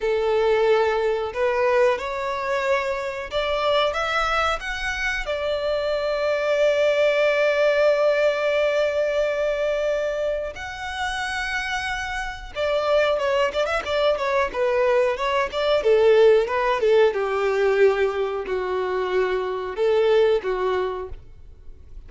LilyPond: \new Staff \with { instrumentName = "violin" } { \time 4/4 \tempo 4 = 91 a'2 b'4 cis''4~ | cis''4 d''4 e''4 fis''4 | d''1~ | d''1 |
fis''2. d''4 | cis''8 d''16 e''16 d''8 cis''8 b'4 cis''8 d''8 | a'4 b'8 a'8 g'2 | fis'2 a'4 fis'4 | }